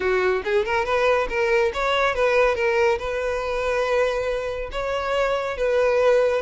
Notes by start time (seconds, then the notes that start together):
0.00 F#4
0.44 G#4
0.65 A#4
0.85 B4
1.29 A#4
1.73 C#5
2.14 B4
2.55 A#4
2.98 B4
4.71 C#5
5.57 B4